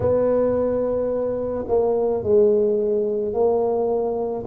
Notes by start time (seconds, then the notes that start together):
0.00 B3
1.67 A#3
2.23 G#3
3.33 A#3